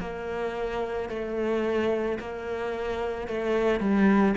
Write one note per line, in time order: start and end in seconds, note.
0.00 1.09 A#3
1.10 2.19 A3
2.20 3.28 A#3
3.28 3.80 A3
3.80 4.35 G3